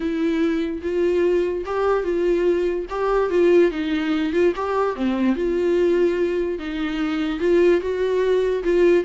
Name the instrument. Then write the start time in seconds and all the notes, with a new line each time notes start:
viola
0.00 E4
0.82 F4
1.65 G4
2.03 F4
2.89 G4
3.30 F4
3.71 D#4
4.32 F4
4.55 G4
4.95 C4
5.35 F4
6.58 D#4
7.39 F4
7.81 F#4
8.63 F4